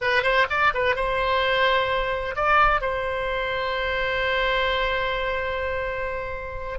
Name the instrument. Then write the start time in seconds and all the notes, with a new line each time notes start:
oboe
0.01 B4
0.23 C5
0.49 D5
0.74 B4
0.95 C5
2.35 D5
2.81 C5